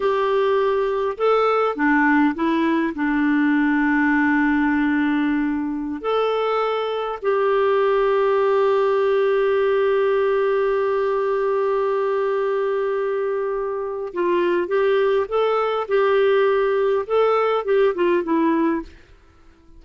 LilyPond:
\new Staff \with { instrumentName = "clarinet" } { \time 4/4 \tempo 4 = 102 g'2 a'4 d'4 | e'4 d'2.~ | d'2~ d'16 a'4.~ a'16~ | a'16 g'2.~ g'8.~ |
g'1~ | g'1 | f'4 g'4 a'4 g'4~ | g'4 a'4 g'8 f'8 e'4 | }